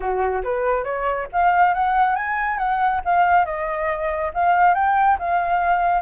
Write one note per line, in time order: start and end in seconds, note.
0.00 0.42 F#4
0.43 0.84 B4
0.84 1.27 C#5
1.32 1.74 F5
1.74 2.15 F#5
2.15 2.58 G#5
2.58 3.01 F#5
3.04 3.45 F5
3.45 4.31 D#5
4.34 4.74 F5
4.74 5.17 G5
5.18 6.01 F5